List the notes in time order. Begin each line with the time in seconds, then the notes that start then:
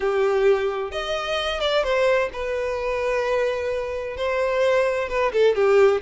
0.00 G4
0.91 D#5
1.60 D5
1.83 C5
2.32 B4
4.16 C5
5.08 B4
5.32 A4
5.55 G4